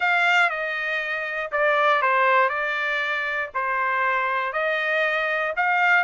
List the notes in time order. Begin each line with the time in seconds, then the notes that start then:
0.00 F5
0.49 D#5
1.51 D5
2.02 C5
2.49 D5
3.54 C5
4.52 D#5
5.56 F5